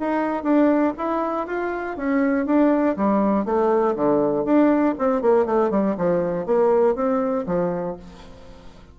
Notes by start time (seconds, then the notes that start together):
0.00 D#4
0.44 D4
0.98 E4
1.47 F4
1.97 C#4
2.46 D4
2.97 G3
3.46 A3
3.96 D3
4.45 D4
4.99 C4
5.22 A#3
5.46 A3
5.71 G3
5.98 F3
6.46 A#3
6.96 C4
7.47 F3